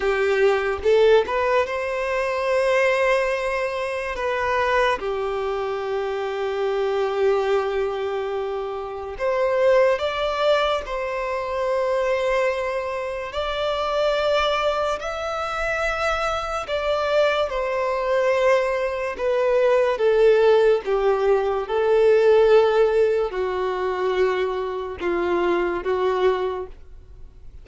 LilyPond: \new Staff \with { instrumentName = "violin" } { \time 4/4 \tempo 4 = 72 g'4 a'8 b'8 c''2~ | c''4 b'4 g'2~ | g'2. c''4 | d''4 c''2. |
d''2 e''2 | d''4 c''2 b'4 | a'4 g'4 a'2 | fis'2 f'4 fis'4 | }